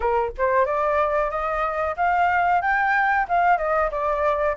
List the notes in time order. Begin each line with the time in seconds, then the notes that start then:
0.00 A#4
0.37 C5
0.65 D5
1.30 D#5
1.96 F5
2.61 G5
3.28 F5
3.57 D#5
3.91 D5